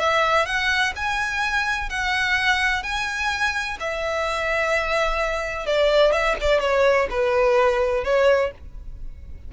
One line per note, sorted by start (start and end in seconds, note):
0.00 0.46 E5
0.46 0.93 F#5
0.96 1.90 G#5
1.90 2.83 F#5
2.83 3.78 G#5
3.80 5.67 E5
5.67 6.13 D5
6.13 6.36 E5
6.42 6.61 D5
6.61 7.08 C#5
7.11 8.04 B4
8.04 8.52 C#5